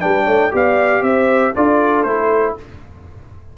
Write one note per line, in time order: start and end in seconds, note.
0.00 0.26 G3
0.00 0.51 D4
0.00 0.24 B4
0.00 0.51 G5
0.24 0.52 A3
0.24 0.49 C#5
0.51 1.01 B3
0.51 1.52 G4
0.51 1.04 D5
0.51 1.02 F5
1.01 1.52 C4
1.01 1.54 C5
1.01 1.53 E5
1.54 2.03 D4
1.54 2.06 F4
1.54 2.56 A4
1.54 2.03 D5
2.03 2.54 A3
2.03 2.57 E4
2.03 2.53 C5